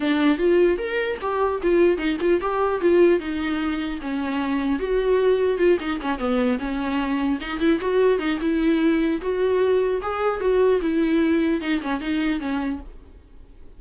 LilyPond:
\new Staff \with { instrumentName = "viola" } { \time 4/4 \tempo 4 = 150 d'4 f'4 ais'4 g'4 | f'4 dis'8 f'8 g'4 f'4 | dis'2 cis'2 | fis'2 f'8 dis'8 cis'8 b8~ |
b8 cis'2 dis'8 e'8 fis'8~ | fis'8 dis'8 e'2 fis'4~ | fis'4 gis'4 fis'4 e'4~ | e'4 dis'8 cis'8 dis'4 cis'4 | }